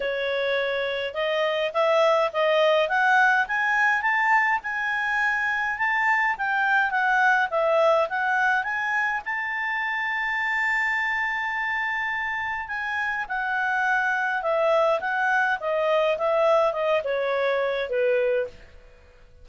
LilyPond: \new Staff \with { instrumentName = "clarinet" } { \time 4/4 \tempo 4 = 104 cis''2 dis''4 e''4 | dis''4 fis''4 gis''4 a''4 | gis''2 a''4 g''4 | fis''4 e''4 fis''4 gis''4 |
a''1~ | a''2 gis''4 fis''4~ | fis''4 e''4 fis''4 dis''4 | e''4 dis''8 cis''4. b'4 | }